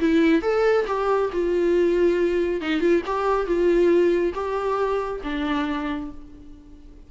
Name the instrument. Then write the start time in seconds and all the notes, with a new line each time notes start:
viola
0.00 E4
0.42 A4
0.87 G4
1.33 F4
2.62 D#4
2.81 F4
3.06 G4
3.47 F4
4.34 G4
5.24 D4